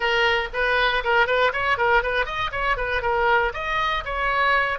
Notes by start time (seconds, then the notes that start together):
0.00 A#4
0.53 B4
1.04 A#4
1.26 B4
1.52 C#5
1.77 A#4
2.02 B4
2.25 D#5
2.51 C#5
2.76 B4
3.02 A#4
3.53 D#5
4.04 C#5